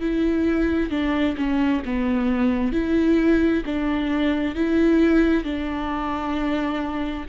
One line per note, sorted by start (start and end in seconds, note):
0.00 0.90 E4
0.90 1.36 D4
1.37 1.82 C#4
1.85 2.72 B3
2.72 3.63 E4
3.65 4.55 D4
4.55 5.44 E4
5.44 7.26 D4